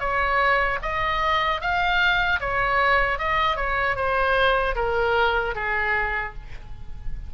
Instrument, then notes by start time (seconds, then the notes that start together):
oboe
0.00 C#5
0.83 D#5
1.61 F5
2.40 C#5
3.19 D#5
3.56 C#5
3.96 C5
4.75 A#4
5.55 G#4